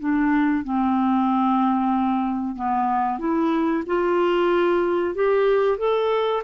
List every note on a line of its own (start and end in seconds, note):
0.00 0.64 D4
0.64 2.56 C4
2.56 3.19 B3
3.19 3.84 E4
3.87 5.15 F4
5.15 5.78 G4
5.78 6.43 A4